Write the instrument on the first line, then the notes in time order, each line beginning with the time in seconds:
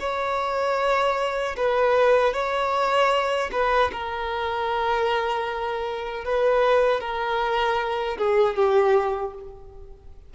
violin
0.00 C#5
1.57 B4
2.33 C#5
3.52 B4
3.92 A#4
6.25 B4
7.01 A#4
8.18 G#4
8.56 G4